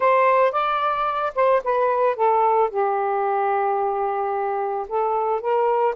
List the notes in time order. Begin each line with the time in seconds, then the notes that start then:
0.00 C5
0.52 D5
1.35 C5
1.64 B4
2.15 A4
2.70 G4
4.88 A4
5.40 A#4